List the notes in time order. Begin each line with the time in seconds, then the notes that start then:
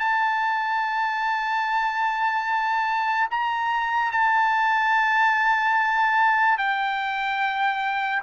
0.00 A5
3.31 A#5
4.12 A5
6.58 G5